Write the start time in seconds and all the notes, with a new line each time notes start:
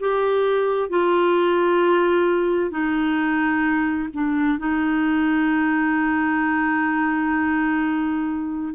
0.00 G4
0.90 F4
2.71 D#4
4.13 D4
4.59 D#4